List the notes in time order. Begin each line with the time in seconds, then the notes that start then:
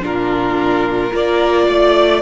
0.00 A#2 D4 F4 A#4
1.12 A#3 F4 A#4 D5
1.67 A3 D5